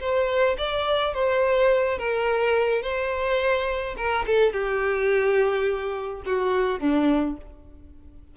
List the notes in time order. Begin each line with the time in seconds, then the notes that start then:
0.00 C5
0.58 D5
1.13 C5
1.98 A#4
2.82 C5
3.97 A#4
4.26 A4
4.52 G4
6.25 F#4
6.80 D4